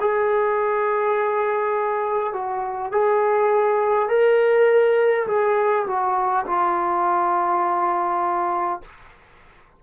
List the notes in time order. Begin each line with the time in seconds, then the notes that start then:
0.00 G#4
2.33 F#4
2.91 G#4
4.09 A#4
5.27 G#4
5.86 F#4
6.45 F4